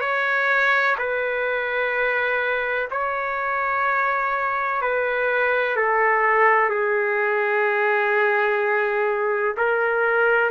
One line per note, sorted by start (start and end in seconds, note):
0.00 0.95 C#5
0.98 2.89 B4
2.90 4.81 C#5
4.81 5.76 B4
5.76 6.69 A4
6.69 9.55 G#4
9.57 10.50 A#4